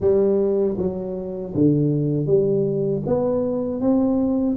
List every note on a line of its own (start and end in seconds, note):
0.00 0.76 G3
0.77 1.53 F#3
1.54 2.26 D3
2.26 3.02 G3
3.06 3.80 B3
3.80 4.56 C4